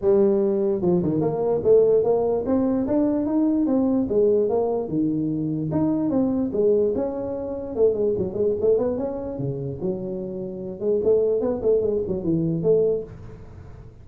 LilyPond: \new Staff \with { instrumentName = "tuba" } { \time 4/4 \tempo 4 = 147 g2 f8 dis8 ais4 | a4 ais4 c'4 d'4 | dis'4 c'4 gis4 ais4 | dis2 dis'4 c'4 |
gis4 cis'2 a8 gis8 | fis8 gis8 a8 b8 cis'4 cis4 | fis2~ fis8 gis8 a4 | b8 a8 gis8 fis8 e4 a4 | }